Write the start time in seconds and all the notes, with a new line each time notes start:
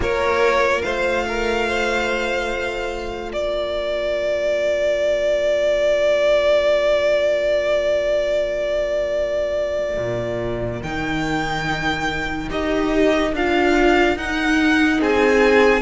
0.00 A#3 F4 A#4 C#5
0.82 A3 C5 F5
1.28 A#4
1.68 C5
3.32 A#3 A#4 D5
9.97 A#2
10.82 D#3 D#4 G5
12.49 D#4 G4 D#5
13.33 D4 F4 F5
14.15 D#4 F#5
15.00 C4 G#4 G#5